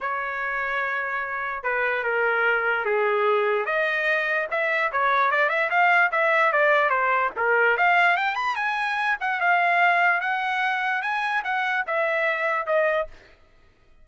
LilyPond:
\new Staff \with { instrumentName = "trumpet" } { \time 4/4 \tempo 4 = 147 cis''1 | b'4 ais'2 gis'4~ | gis'4 dis''2 e''4 | cis''4 d''8 e''8 f''4 e''4 |
d''4 c''4 ais'4 f''4 | g''8 b''8 gis''4. fis''8 f''4~ | f''4 fis''2 gis''4 | fis''4 e''2 dis''4 | }